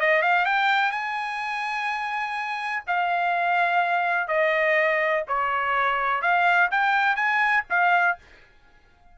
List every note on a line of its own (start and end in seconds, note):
0.00 0.22 D#5
0.22 0.45 F5
0.45 0.91 G5
0.91 2.83 G#5
2.86 4.27 F5
4.27 5.23 D#5
5.28 6.21 C#5
6.21 6.69 F5
6.70 7.16 G5
7.16 7.64 G#5
7.70 8.18 F5